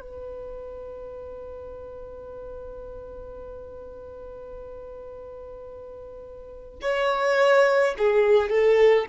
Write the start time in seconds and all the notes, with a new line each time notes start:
0.00 B4
6.81 C#5
7.98 G#4
8.49 A4